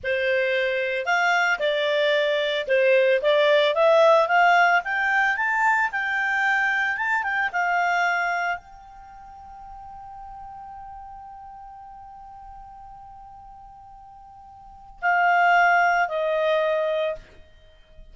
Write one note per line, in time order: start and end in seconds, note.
0.03 1.05 C5
1.05 1.59 F5
1.59 2.66 D5
2.67 3.21 C5
3.22 3.75 D5
3.75 4.28 E5
4.28 4.81 F5
4.84 5.36 G5
5.36 5.90 A5
5.91 6.97 G5
6.97 7.23 A5
7.23 7.50 G5
7.52 8.57 F5
8.57 15.00 G5
15.01 16.08 F5
16.08 17.15 D#5